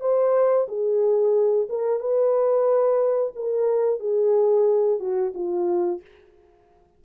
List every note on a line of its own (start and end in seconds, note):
0.00 0.67 C5
0.68 1.68 G#4
1.69 1.99 A#4
1.99 3.33 B4
3.35 4.00 A#4
4.00 4.99 G#4
4.99 5.33 F#4
5.34 6.01 F4